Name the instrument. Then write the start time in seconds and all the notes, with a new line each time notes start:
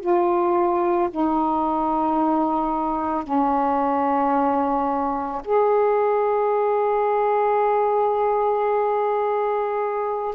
saxophone
0.00 F4
1.10 D#4
3.23 C#4
5.44 G#4